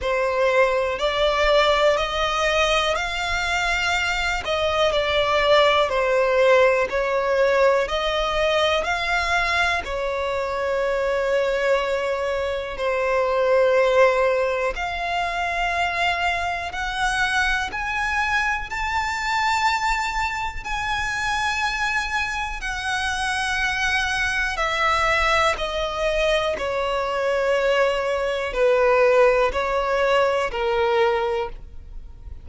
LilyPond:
\new Staff \with { instrumentName = "violin" } { \time 4/4 \tempo 4 = 61 c''4 d''4 dis''4 f''4~ | f''8 dis''8 d''4 c''4 cis''4 | dis''4 f''4 cis''2~ | cis''4 c''2 f''4~ |
f''4 fis''4 gis''4 a''4~ | a''4 gis''2 fis''4~ | fis''4 e''4 dis''4 cis''4~ | cis''4 b'4 cis''4 ais'4 | }